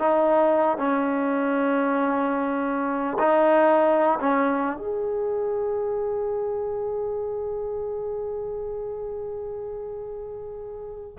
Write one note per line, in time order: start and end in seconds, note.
0.00 0.78 D#4
0.78 3.18 C#4
3.19 4.19 D#4
4.20 4.77 C#4
4.77 11.17 G#4